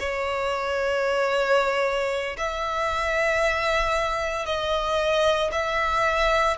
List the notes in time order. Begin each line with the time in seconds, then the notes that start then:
0.00 C#5
2.38 E5
4.46 D#5
5.52 E5